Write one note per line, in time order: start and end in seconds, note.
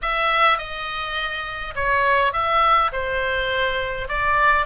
0.02 0.57 E5
0.57 1.74 D#5
1.75 2.32 C#5
2.32 2.91 E5
2.92 4.08 C5
4.08 4.66 D5